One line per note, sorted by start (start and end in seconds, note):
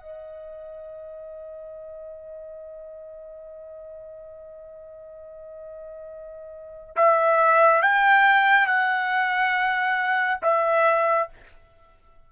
0.00 6.96 D#5
6.96 7.82 E5
7.82 8.66 G5
8.66 10.40 F#5
10.42 11.29 E5